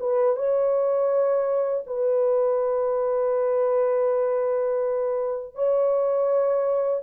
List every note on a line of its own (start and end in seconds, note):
0.00 0.36 B4
0.36 1.85 C#5
1.87 5.55 B4
5.55 7.03 C#5